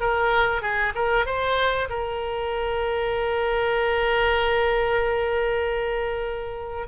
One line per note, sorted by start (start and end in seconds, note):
0.00 0.62 A#4
0.62 0.93 G#4
0.95 1.26 A#4
1.26 1.88 C5
1.89 6.88 A#4